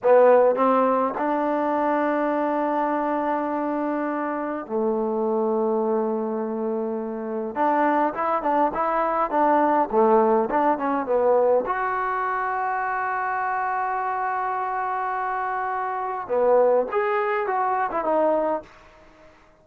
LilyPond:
\new Staff \with { instrumentName = "trombone" } { \time 4/4 \tempo 4 = 103 b4 c'4 d'2~ | d'1 | a1~ | a4 d'4 e'8 d'8 e'4 |
d'4 a4 d'8 cis'8 b4 | fis'1~ | fis'1 | b4 gis'4 fis'8. e'16 dis'4 | }